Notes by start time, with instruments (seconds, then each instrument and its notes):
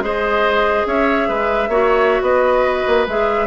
0.00 bassoon G#3, clarinet G#4, oboe C5, flute D#5
0.87 bassoon C#4, oboe C#5, flute E5
1.29 bassoon G#3, oboe B4
1.69 bassoon A#3, clarinet F#4, oboe C#5
2.22 bassoon B3, oboe B4, flute D#5
2.87 bassoon A#3
3.08 bassoon G#3, clarinet G#4, flute E5